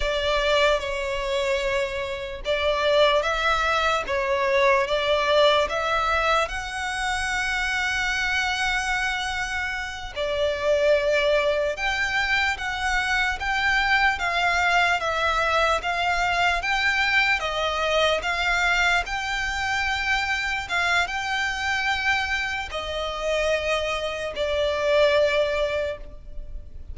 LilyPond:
\new Staff \with { instrumentName = "violin" } { \time 4/4 \tempo 4 = 74 d''4 cis''2 d''4 | e''4 cis''4 d''4 e''4 | fis''1~ | fis''8 d''2 g''4 fis''8~ |
fis''8 g''4 f''4 e''4 f''8~ | f''8 g''4 dis''4 f''4 g''8~ | g''4. f''8 g''2 | dis''2 d''2 | }